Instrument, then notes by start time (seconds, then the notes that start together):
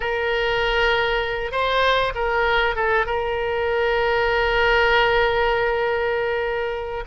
oboe
0.00 A#4
1.51 C5
2.14 A#4
2.76 A4
3.06 A#4